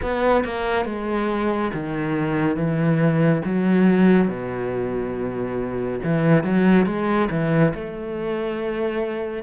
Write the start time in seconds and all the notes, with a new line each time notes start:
0.02 B3
0.44 A#3
0.85 G#3
1.73 D#3
2.56 E3
3.44 F#3
4.28 B2
6.03 E3
6.43 F#3
6.86 G#3
7.30 E3
7.74 A3